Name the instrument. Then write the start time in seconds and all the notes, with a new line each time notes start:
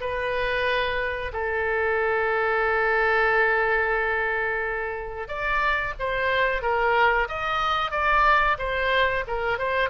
oboe
0.00 B4
1.32 A4
5.28 D5
5.99 C5
6.62 A#4
7.28 D#5
7.91 D5
8.58 C5
9.27 A#4
9.58 C5